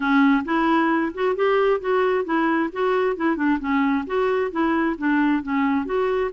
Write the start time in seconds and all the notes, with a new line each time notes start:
0.00 C#4
0.44 E4
1.13 F#4
1.35 G4
1.80 F#4
2.24 E4
2.72 F#4
3.16 E4
3.36 D4
3.59 C#4
4.06 F#4
4.51 E4
4.98 D4
5.42 C#4
5.85 F#4